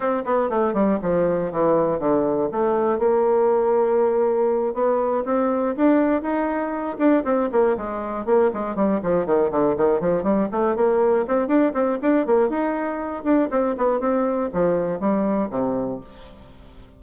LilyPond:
\new Staff \with { instrumentName = "bassoon" } { \time 4/4 \tempo 4 = 120 c'8 b8 a8 g8 f4 e4 | d4 a4 ais2~ | ais4. b4 c'4 d'8~ | d'8 dis'4. d'8 c'8 ais8 gis8~ |
gis8 ais8 gis8 g8 f8 dis8 d8 dis8 | f8 g8 a8 ais4 c'8 d'8 c'8 | d'8 ais8 dis'4. d'8 c'8 b8 | c'4 f4 g4 c4 | }